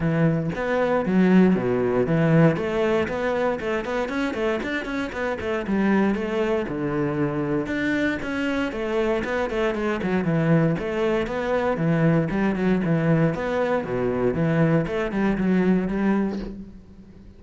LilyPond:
\new Staff \with { instrumentName = "cello" } { \time 4/4 \tempo 4 = 117 e4 b4 fis4 b,4 | e4 a4 b4 a8 b8 | cis'8 a8 d'8 cis'8 b8 a8 g4 | a4 d2 d'4 |
cis'4 a4 b8 a8 gis8 fis8 | e4 a4 b4 e4 | g8 fis8 e4 b4 b,4 | e4 a8 g8 fis4 g4 | }